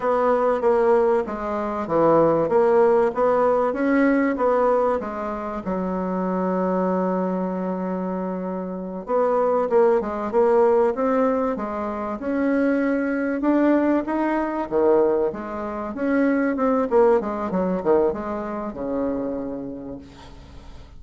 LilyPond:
\new Staff \with { instrumentName = "bassoon" } { \time 4/4 \tempo 4 = 96 b4 ais4 gis4 e4 | ais4 b4 cis'4 b4 | gis4 fis2.~ | fis2~ fis8 b4 ais8 |
gis8 ais4 c'4 gis4 cis'8~ | cis'4. d'4 dis'4 dis8~ | dis8 gis4 cis'4 c'8 ais8 gis8 | fis8 dis8 gis4 cis2 | }